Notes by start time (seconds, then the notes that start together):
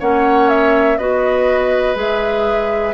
0.00 A#3 C#4 C#5 F#5
0.49 E5
0.98 B3 F#4 B4 D#5
1.95 G#3 G#4 E5